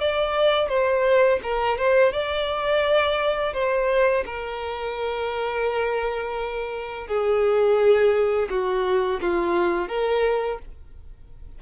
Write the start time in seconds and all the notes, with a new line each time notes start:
0.00 D5
0.68 C5
1.43 A#4
1.77 C5
2.12 D5
3.53 C5
4.25 A#4
7.07 G#4
8.49 F#4
9.21 F4
9.88 A#4